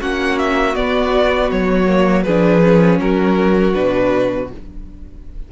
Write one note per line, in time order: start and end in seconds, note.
0.00 0.76 A#3
0.00 0.75 C#4
0.00 2.25 F#4
0.00 0.39 F#5
0.39 0.76 E5
0.75 1.87 B3
0.75 1.51 B3
0.75 1.51 D5
1.52 2.27 F#3
1.52 2.23 C#5
1.87 2.25 A#3
2.23 3.00 F3
2.23 2.63 D4
2.23 3.00 G#4
2.23 2.98 B4
2.63 3.74 C#4
3.00 3.75 F#3
3.00 4.53 F#4
3.00 3.74 A#4
3.74 4.52 B2
3.74 4.49 D4
3.74 4.49 B4